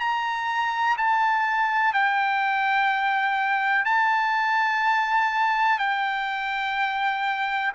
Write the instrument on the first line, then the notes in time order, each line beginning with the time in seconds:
trumpet
0.00 A#5
0.98 A5
1.94 G5
3.85 A5
5.79 G5